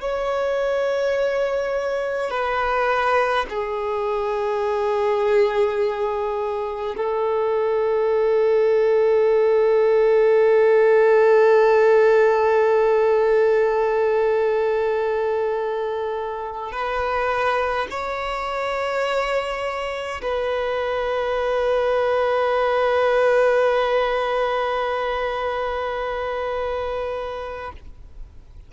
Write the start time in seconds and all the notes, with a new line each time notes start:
0.00 C#5
2.30 B4
3.49 G#4
6.97 A4
16.72 B4
17.90 C#5
20.22 B4